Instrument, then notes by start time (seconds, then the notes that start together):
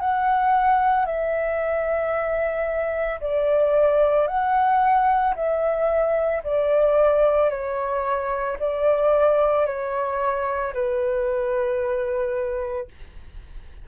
flute
0.00 F#5
1.06 E5
3.20 D5
4.28 F#5
5.36 E5
6.44 D5
7.50 C#5
8.60 D5
9.66 C#5
10.74 B4